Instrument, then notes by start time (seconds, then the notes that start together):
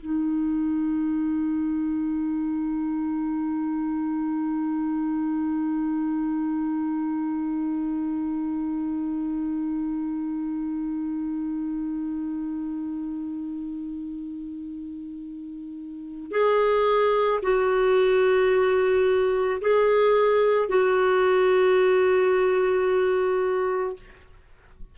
clarinet
0.00 D#4
16.31 G#4
17.43 F#4
19.61 G#4
20.69 F#4